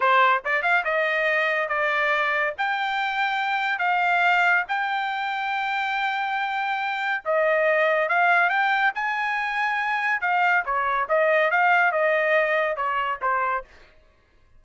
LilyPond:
\new Staff \with { instrumentName = "trumpet" } { \time 4/4 \tempo 4 = 141 c''4 d''8 f''8 dis''2 | d''2 g''2~ | g''4 f''2 g''4~ | g''1~ |
g''4 dis''2 f''4 | g''4 gis''2. | f''4 cis''4 dis''4 f''4 | dis''2 cis''4 c''4 | }